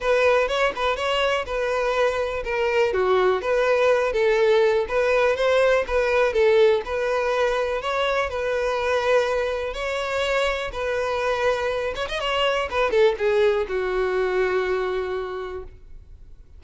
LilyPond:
\new Staff \with { instrumentName = "violin" } { \time 4/4 \tempo 4 = 123 b'4 cis''8 b'8 cis''4 b'4~ | b'4 ais'4 fis'4 b'4~ | b'8 a'4. b'4 c''4 | b'4 a'4 b'2 |
cis''4 b'2. | cis''2 b'2~ | b'8 cis''16 dis''16 cis''4 b'8 a'8 gis'4 | fis'1 | }